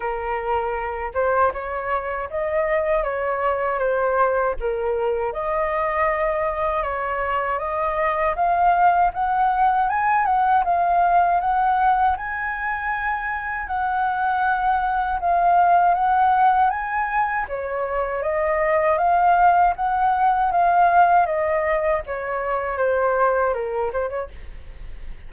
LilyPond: \new Staff \with { instrumentName = "flute" } { \time 4/4 \tempo 4 = 79 ais'4. c''8 cis''4 dis''4 | cis''4 c''4 ais'4 dis''4~ | dis''4 cis''4 dis''4 f''4 | fis''4 gis''8 fis''8 f''4 fis''4 |
gis''2 fis''2 | f''4 fis''4 gis''4 cis''4 | dis''4 f''4 fis''4 f''4 | dis''4 cis''4 c''4 ais'8 c''16 cis''16 | }